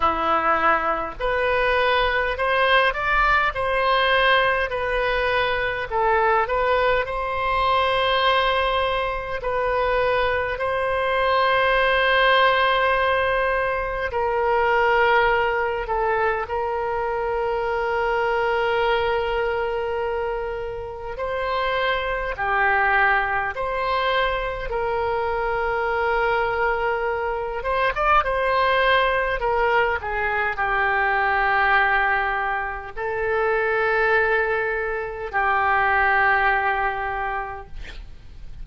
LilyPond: \new Staff \with { instrumentName = "oboe" } { \time 4/4 \tempo 4 = 51 e'4 b'4 c''8 d''8 c''4 | b'4 a'8 b'8 c''2 | b'4 c''2. | ais'4. a'8 ais'2~ |
ais'2 c''4 g'4 | c''4 ais'2~ ais'8 c''16 d''16 | c''4 ais'8 gis'8 g'2 | a'2 g'2 | }